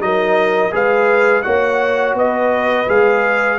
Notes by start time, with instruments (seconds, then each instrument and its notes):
0.00 tuba F#3, trombone D#4, horn A#4, trumpet D#5
0.71 tuba G#3, trombone G#4, horn B4, trumpet F5
1.42 tuba A#3, trombone F#4, horn C#5, trumpet F#5
2.14 tuba B3, horn B4, trumpet D#5
2.87 tuba G#3, trombone G#4, trumpet F5